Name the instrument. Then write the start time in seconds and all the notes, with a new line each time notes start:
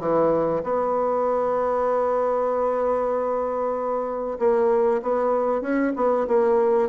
bassoon
0.00 E3
0.64 B3
4.39 A#3
5.02 B3
5.62 C#4
5.96 B3
6.28 A#3